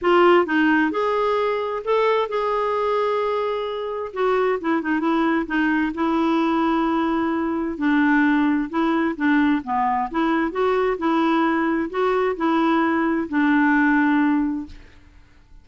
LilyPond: \new Staff \with { instrumentName = "clarinet" } { \time 4/4 \tempo 4 = 131 f'4 dis'4 gis'2 | a'4 gis'2.~ | gis'4 fis'4 e'8 dis'8 e'4 | dis'4 e'2.~ |
e'4 d'2 e'4 | d'4 b4 e'4 fis'4 | e'2 fis'4 e'4~ | e'4 d'2. | }